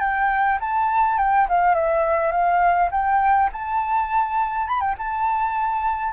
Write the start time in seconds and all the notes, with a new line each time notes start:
0.00 G5
0.60 A5
1.18 G5
1.49 F5
1.75 E5
2.31 F5
2.91 G5
3.52 A5
4.68 B5
4.80 G5
4.98 A5